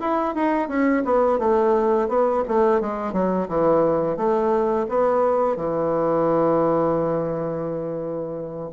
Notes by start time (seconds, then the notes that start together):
0.00 E4
0.35 D#4
0.68 C#4
1.05 B3
1.39 A3
2.08 B3
2.48 A3
2.81 G#3
3.13 F#3
3.48 E3
4.17 A3
4.89 B3
5.56 E3